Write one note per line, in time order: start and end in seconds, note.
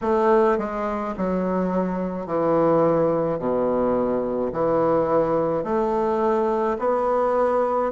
0.01 0.58 A3
0.58 1.14 G#3
1.17 2.26 F#3
2.26 3.38 E3
3.38 4.51 B2
4.52 5.63 E3
5.63 6.77 A3
6.78 7.91 B3